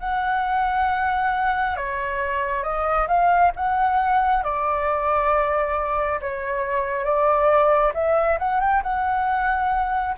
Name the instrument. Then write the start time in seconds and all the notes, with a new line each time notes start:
flute
0.00 F#5
1.76 C#5
2.64 D#5
3.08 F5
3.56 F#5
4.44 D5
6.21 C#5
7.04 D5
7.94 E5
8.39 F#5
8.60 G5
8.83 F#5